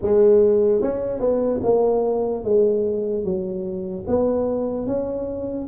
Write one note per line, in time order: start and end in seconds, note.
0.02 0.81 G#3
0.81 1.20 C#4
1.20 1.60 B3
1.63 2.44 A#3
2.44 3.24 G#3
3.24 4.05 F#3
4.07 4.86 B3
4.86 5.67 C#4